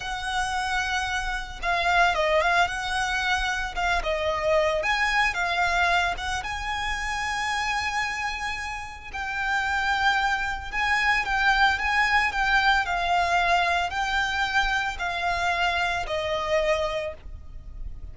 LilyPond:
\new Staff \with { instrumentName = "violin" } { \time 4/4 \tempo 4 = 112 fis''2. f''4 | dis''8 f''8 fis''2 f''8 dis''8~ | dis''4 gis''4 f''4. fis''8 | gis''1~ |
gis''4 g''2. | gis''4 g''4 gis''4 g''4 | f''2 g''2 | f''2 dis''2 | }